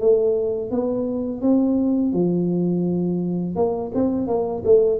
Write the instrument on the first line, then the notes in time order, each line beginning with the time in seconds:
tuba
0.00 A3
0.71 B3
1.42 C4
2.13 F3
3.56 A#3
3.94 C4
4.27 A#3
4.65 A3